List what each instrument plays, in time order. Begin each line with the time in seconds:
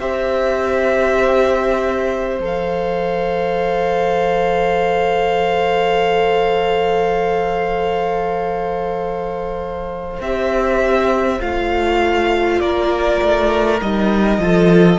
0.00 cello C4, viola G4, violin C5 E5
2.40 cello F3, viola A4, violin F5
10.21 cello C4, viola G4, violin E5
11.39 cello A3, viola F4, violin F5
12.60 cello A#3, violin A#4 D5
13.22 cello A3
13.81 cello G3, viola D#4, violin D#5
14.38 cello F3, viola F4, violin A4